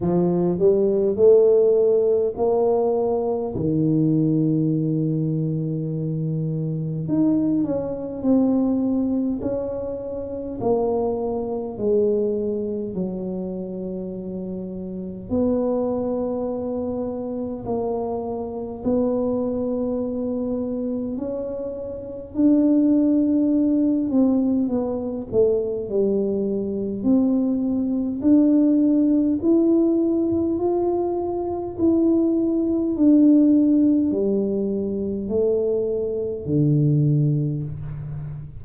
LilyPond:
\new Staff \with { instrumentName = "tuba" } { \time 4/4 \tempo 4 = 51 f8 g8 a4 ais4 dis4~ | dis2 dis'8 cis'8 c'4 | cis'4 ais4 gis4 fis4~ | fis4 b2 ais4 |
b2 cis'4 d'4~ | d'8 c'8 b8 a8 g4 c'4 | d'4 e'4 f'4 e'4 | d'4 g4 a4 d4 | }